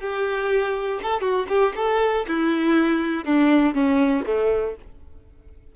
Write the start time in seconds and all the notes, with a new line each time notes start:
0.00 G4
1.02 A4
1.21 F#4
1.48 G4
1.76 A4
2.27 E4
3.25 D4
3.74 C#4
4.25 A3